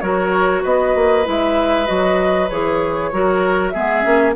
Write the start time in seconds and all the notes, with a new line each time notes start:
0.00 F#3 F#4 A#4 C#5
0.62 B3 B4 D#5
0.95 A#3
1.24 G#3 E4
1.30 E5
1.86 F#3 F#4 D#5
2.49 E3 G#4 C#5
3.12 F#3 F#4 A#4
3.69 G#3 B3 G#4 E5
4.02 A#3 C#4